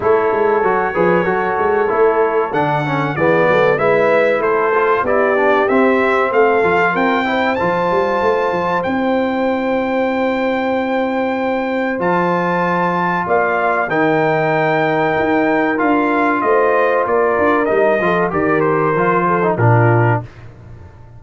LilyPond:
<<
  \new Staff \with { instrumentName = "trumpet" } { \time 4/4 \tempo 4 = 95 cis''1 | fis''4 d''4 e''4 c''4 | d''4 e''4 f''4 g''4 | a''2 g''2~ |
g''2. a''4~ | a''4 f''4 g''2~ | g''4 f''4 dis''4 d''4 | dis''4 d''8 c''4. ais'4 | }
  \new Staff \with { instrumentName = "horn" } { \time 4/4 a'4. b'8 a'2~ | a'4 gis'8 a'8 b'4 a'4 | g'2 a'4 ais'8 c''8~ | c''1~ |
c''1~ | c''4 d''4 ais'2~ | ais'2 c''4 ais'4~ | ais'8 a'8 ais'4. a'8 f'4 | }
  \new Staff \with { instrumentName = "trombone" } { \time 4/4 e'4 fis'8 gis'8 fis'4 e'4 | d'8 cis'8 b4 e'4. f'8 | e'8 d'8 c'4. f'4 e'8 | f'2 e'2~ |
e'2. f'4~ | f'2 dis'2~ | dis'4 f'2. | dis'8 f'8 g'4 f'8. dis'16 d'4 | }
  \new Staff \with { instrumentName = "tuba" } { \time 4/4 a8 gis8 fis8 f8 fis8 gis8 a4 | d4 e8 fis8 gis4 a4 | b4 c'4 a8 f8 c'4 | f8 g8 a8 f8 c'2~ |
c'2. f4~ | f4 ais4 dis2 | dis'4 d'4 a4 ais8 d'8 | g8 f8 dis4 f4 ais,4 | }
>>